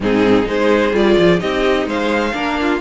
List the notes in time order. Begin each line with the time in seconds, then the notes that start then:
0.00 G#2 C4 D#4 G#4
0.44 G#3 D#4 G#4 C5
0.92 G3 F4 D5
1.18 F3
1.38 C4 D#4 G4 D#5
1.86 G#3 C5 F5
2.33 A#3 D4 A#4
2.60 F4